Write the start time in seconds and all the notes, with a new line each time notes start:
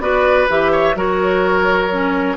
0.00 B3 F#4 B4 D5
0.49 E3 G4 E5
0.72 C#5
0.95 F#3 F#4 A#4 C#5
1.91 C#4